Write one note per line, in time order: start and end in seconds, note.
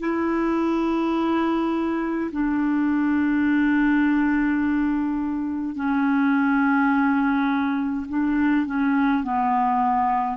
0.00 2.31 E4
2.32 5.76 D4
5.76 8.07 C#4
8.09 8.66 D4
8.66 9.24 C#4
9.24 10.37 B3